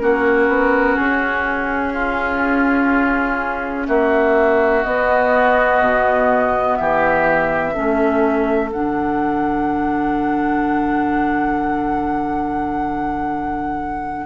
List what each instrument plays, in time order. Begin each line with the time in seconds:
0.00 bassoon A#3, clarinet C#4, oboe F#4, flute A#4
0.48 bassoon B3
0.97 bassoon C#4, flute G#4
1.94 oboe F4
3.88 bassoon A#3, oboe F#4, flute E5
4.84 clarinet B3, bassoon B3, flute D#5
5.81 bassoon B2
6.76 bassoon E3, oboe G4, flute E5
7.73 bassoon A3, clarinet C#4, oboe A4
8.72 bassoon D3, clarinet D4, flute F#5